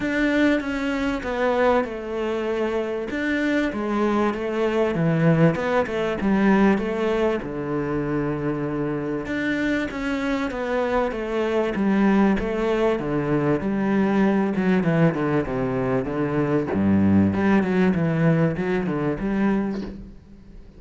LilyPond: \new Staff \with { instrumentName = "cello" } { \time 4/4 \tempo 4 = 97 d'4 cis'4 b4 a4~ | a4 d'4 gis4 a4 | e4 b8 a8 g4 a4 | d2. d'4 |
cis'4 b4 a4 g4 | a4 d4 g4. fis8 | e8 d8 c4 d4 g,4 | g8 fis8 e4 fis8 d8 g4 | }